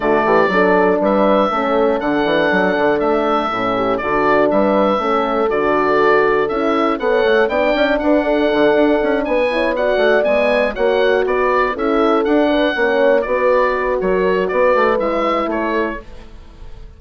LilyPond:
<<
  \new Staff \with { instrumentName = "oboe" } { \time 4/4 \tempo 4 = 120 d''2 e''2 | fis''2 e''2 | d''4 e''2 d''4~ | d''4 e''4 fis''4 g''4 |
fis''2~ fis''8 gis''4 fis''8~ | fis''8 gis''4 fis''4 d''4 e''8~ | e''8 fis''2 d''4. | cis''4 d''4 e''4 cis''4 | }
  \new Staff \with { instrumentName = "horn" } { \time 4/4 fis'8 g'8 a'4 b'4 a'4~ | a'2.~ a'8 g'8 | fis'4 b'4 a'2~ | a'2 cis''4 d''4 |
b'8 a'2 b'8 cis''8 d''8~ | d''4. cis''4 b'4 a'8~ | a'4 b'8 cis''4 b'4. | ais'4 b'2 a'4 | }
  \new Staff \with { instrumentName = "horn" } { \time 4/4 a4 d'2 cis'4 | d'2. cis'4 | d'2 cis'4 fis'4~ | fis'4 e'4 a'4 d'4~ |
d'2. e'8 fis'8~ | fis'8 b4 fis'2 e'8~ | e'8 d'4 cis'4 fis'4.~ | fis'2 e'2 | }
  \new Staff \with { instrumentName = "bassoon" } { \time 4/4 d8 e8 fis4 g4 a4 | d8 e8 fis8 d8 a4 a,4 | d4 g4 a4 d4~ | d4 cis'4 b8 a8 b8 cis'8 |
d'4 d8 d'8 cis'8 b4. | a8 gis4 ais4 b4 cis'8~ | cis'8 d'4 ais4 b4. | fis4 b8 a8 gis4 a4 | }
>>